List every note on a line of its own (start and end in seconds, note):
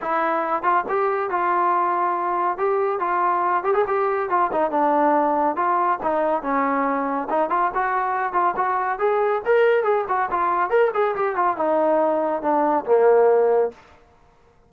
0.01 0.62 E4
0.62 0.84 F4
0.88 1.30 G4
1.30 2.57 F4
2.57 2.99 G4
2.99 3.63 F4
3.63 3.74 G4
3.74 3.85 G#4
3.87 4.29 G4
4.29 4.51 F4
4.52 4.70 D#4
4.70 5.56 D4
5.56 5.99 F4
6.02 6.42 D#4
6.42 7.28 C#4
7.29 7.49 D#4
7.49 7.71 F4
7.74 8.33 F#4
8.33 8.54 F4
8.56 8.99 F#4
8.99 9.41 G#4
9.45 9.83 A#4
9.83 10.05 G#4
10.08 10.29 F#4
10.31 10.69 F4
10.69 10.91 A#4
10.94 11.15 G#4
11.15 11.35 G4
11.35 11.57 F4
11.57 12.41 D#4
12.41 12.84 D4
12.85 13.71 A#3